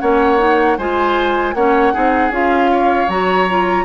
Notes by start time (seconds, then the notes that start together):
0.00 A#3 C#4 C#5 F#5
0.38 D#4
0.78 G#3 F4 C5 G#5
1.54 A#3 C#4 C#5 F#5
1.93 C4 D#4 G#4
2.30 C#4 F4 F5
2.72 C#5
3.08 F#3 F#4 A#5
3.50 F4